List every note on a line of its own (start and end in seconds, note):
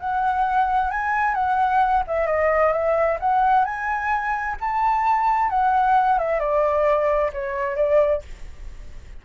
0.00 0.91 F#5
0.91 1.35 G#5
1.35 2.03 F#5
2.07 2.27 E5
2.27 2.73 D#5
2.73 3.19 E5
3.21 3.65 F#5
3.65 4.57 G#5
4.61 5.50 A5
5.50 6.19 F#5
6.19 6.40 E5
6.40 7.32 D5
7.33 7.77 C#5
7.77 8.22 D5